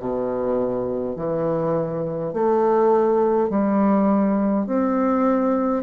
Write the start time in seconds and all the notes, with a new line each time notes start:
0.00 B2
1.16 E3
2.33 A3
3.50 G3
4.67 C4